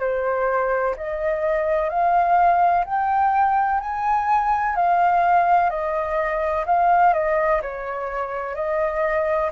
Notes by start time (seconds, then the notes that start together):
0.00 C5
0.97 D#5
1.90 F5
2.85 G5
3.81 G#5
4.76 F5
5.70 D#5
6.66 F5
7.14 D#5
7.62 C#5
8.55 D#5